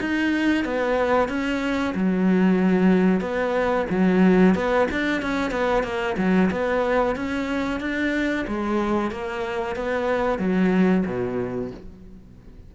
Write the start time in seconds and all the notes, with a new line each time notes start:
0.00 D#4
0.64 B3
1.29 C#4
1.94 F#3
3.20 B3
3.90 F#3
4.55 B3
4.91 D4
5.22 C#4
5.51 B3
5.83 A#3
6.17 F#3
6.51 B3
7.16 C#4
7.80 D4
8.47 G#3
9.11 A#3
9.76 B3
10.38 F#3
11.06 B2